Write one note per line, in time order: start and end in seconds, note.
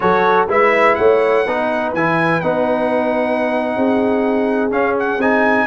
0.00 0.48 F#3
0.00 0.48 F#4
0.00 0.49 A4
0.00 0.47 C#5
0.48 0.96 G#3
0.48 1.46 E4
0.48 0.97 B4
0.48 0.95 E5
0.95 1.46 A3
0.95 1.45 C#5
0.95 1.92 F#5
1.45 1.93 B3
1.45 1.96 D#4
1.45 3.75 B4
1.93 2.42 E3
1.93 2.42 E4
1.93 2.41 G#5
2.41 3.76 B3
2.41 4.71 D#4
2.41 4.70 F#5
3.76 4.70 C4
3.76 5.66 G#4
4.70 5.18 C#4
4.70 5.19 C#4
4.70 4.95 F5
4.99 5.21 F#5
5.18 5.66 C4
5.18 5.66 D#4
5.18 5.66 G#5